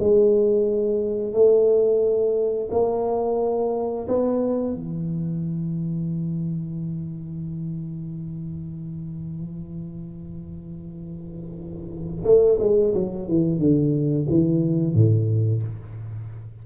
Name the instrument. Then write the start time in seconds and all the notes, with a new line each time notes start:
tuba
0.00 G#3
1.34 A3
2.71 A#3
4.09 B3
4.74 E3
12.25 A3
12.60 G#3
12.95 F#3
13.29 E3
13.59 D3
14.29 E3
14.95 A2